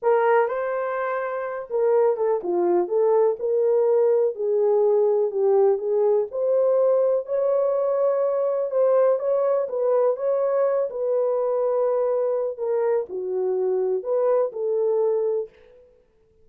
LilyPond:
\new Staff \with { instrumentName = "horn" } { \time 4/4 \tempo 4 = 124 ais'4 c''2~ c''8 ais'8~ | ais'8 a'8 f'4 a'4 ais'4~ | ais'4 gis'2 g'4 | gis'4 c''2 cis''4~ |
cis''2 c''4 cis''4 | b'4 cis''4. b'4.~ | b'2 ais'4 fis'4~ | fis'4 b'4 a'2 | }